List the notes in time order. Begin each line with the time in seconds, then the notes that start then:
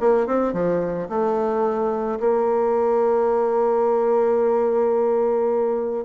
0.00 A#3
0.27 C4
0.53 F3
1.09 A3
2.20 A#3